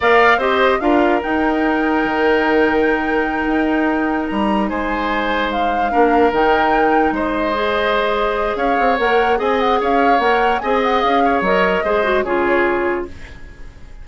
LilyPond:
<<
  \new Staff \with { instrumentName = "flute" } { \time 4/4 \tempo 4 = 147 f''4 dis''4 f''4 g''4~ | g''1~ | g''2~ g''8 ais''4 gis''8~ | gis''4. f''2 g''8~ |
g''4. dis''2~ dis''8~ | dis''4 f''4 fis''4 gis''8 fis''8 | f''4 fis''4 gis''8 fis''8 f''4 | dis''2 cis''2 | }
  \new Staff \with { instrumentName = "oboe" } { \time 4/4 d''4 c''4 ais'2~ | ais'1~ | ais'2.~ ais'8 c''8~ | c''2~ c''8 ais'4.~ |
ais'4. c''2~ c''8~ | c''4 cis''2 dis''4 | cis''2 dis''4. cis''8~ | cis''4 c''4 gis'2 | }
  \new Staff \with { instrumentName = "clarinet" } { \time 4/4 ais'4 g'4 f'4 dis'4~ | dis'1~ | dis'1~ | dis'2~ dis'8 d'4 dis'8~ |
dis'2~ dis'8 gis'4.~ | gis'2 ais'4 gis'4~ | gis'4 ais'4 gis'2 | ais'4 gis'8 fis'8 f'2 | }
  \new Staff \with { instrumentName = "bassoon" } { \time 4/4 ais4 c'4 d'4 dis'4~ | dis'4 dis2.~ | dis8 dis'2 g4 gis8~ | gis2~ gis8 ais4 dis8~ |
dis4. gis2~ gis8~ | gis4 cis'8 c'8 ais4 c'4 | cis'4 ais4 c'4 cis'4 | fis4 gis4 cis2 | }
>>